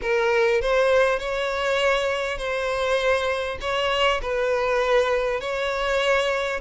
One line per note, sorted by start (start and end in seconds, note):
0.01 0.61 A#4
0.61 1.19 C5
1.19 2.38 C#5
2.38 3.58 C5
3.60 4.20 C#5
4.22 5.40 B4
5.40 6.60 C#5